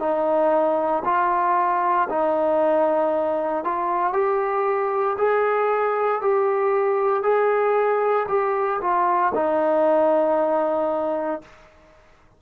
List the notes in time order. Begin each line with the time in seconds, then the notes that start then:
0.00 D#4
1.05 F4
2.10 D#4
3.64 F4
4.13 G4
5.18 G#4
6.22 G4
7.24 G#4
8.29 G4
8.82 F4
9.35 D#4